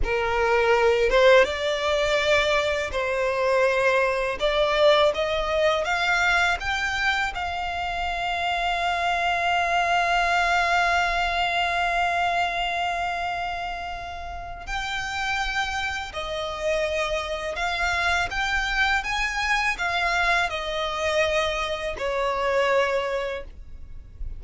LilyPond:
\new Staff \with { instrumentName = "violin" } { \time 4/4 \tempo 4 = 82 ais'4. c''8 d''2 | c''2 d''4 dis''4 | f''4 g''4 f''2~ | f''1~ |
f''1 | g''2 dis''2 | f''4 g''4 gis''4 f''4 | dis''2 cis''2 | }